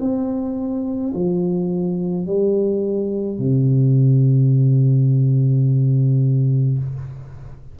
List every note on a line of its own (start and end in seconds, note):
0.00 1.13 C4
1.14 2.26 F3
2.26 3.39 G3
3.39 6.78 C3